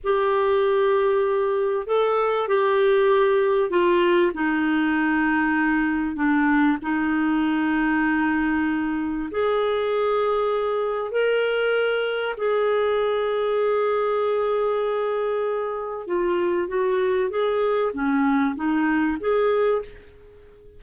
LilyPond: \new Staff \with { instrumentName = "clarinet" } { \time 4/4 \tempo 4 = 97 g'2. a'4 | g'2 f'4 dis'4~ | dis'2 d'4 dis'4~ | dis'2. gis'4~ |
gis'2 ais'2 | gis'1~ | gis'2 f'4 fis'4 | gis'4 cis'4 dis'4 gis'4 | }